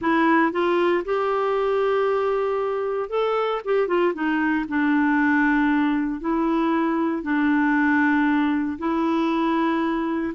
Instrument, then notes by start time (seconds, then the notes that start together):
clarinet
0.01 E4
0.52 F4
1.04 G4
3.09 A4
3.64 G4
3.87 F4
4.14 D#4
4.68 D4
6.20 E4
7.22 D4
8.78 E4